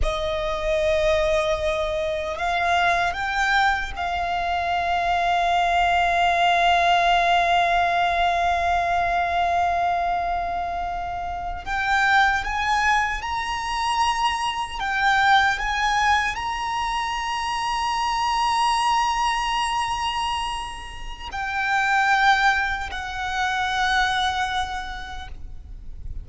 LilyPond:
\new Staff \with { instrumentName = "violin" } { \time 4/4 \tempo 4 = 76 dis''2. f''4 | g''4 f''2.~ | f''1~ | f''2~ f''8. g''4 gis''16~ |
gis''8. ais''2 g''4 gis''16~ | gis''8. ais''2.~ ais''16~ | ais''2. g''4~ | g''4 fis''2. | }